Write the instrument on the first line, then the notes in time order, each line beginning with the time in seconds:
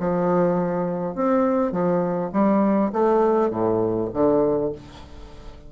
bassoon
0.00 F3
1.16 C4
1.72 F3
2.33 G3
2.93 A3
3.51 A2
4.14 D3